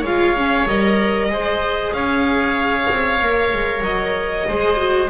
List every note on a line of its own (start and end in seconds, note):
0.00 0.66 G#3
0.00 0.37 F4
0.00 1.26 C#5
0.00 0.67 F5
0.37 0.67 C#4
0.67 1.29 G3
0.67 1.31 A#4
0.67 1.93 D#5
1.29 1.92 G#3
1.29 3.20 G#4
1.29 1.95 C5
1.92 2.87 C#4
1.92 4.48 C#5
1.92 3.82 F5
2.90 3.21 C4
3.21 3.52 A#3
3.21 4.48 A#4
3.53 3.81 G#3
3.81 4.44 F#3
3.81 5.09 D#5
4.48 5.09 G#3
4.48 4.76 G#4
4.48 5.09 C5
4.76 5.08 F#4